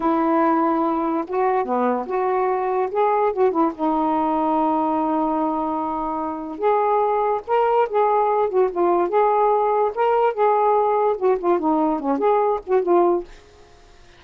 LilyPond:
\new Staff \with { instrumentName = "saxophone" } { \time 4/4 \tempo 4 = 145 e'2. fis'4 | b4 fis'2 gis'4 | fis'8 e'8 dis'2.~ | dis'1 |
gis'2 ais'4 gis'4~ | gis'8 fis'8 f'4 gis'2 | ais'4 gis'2 fis'8 f'8 | dis'4 cis'8 gis'4 fis'8 f'4 | }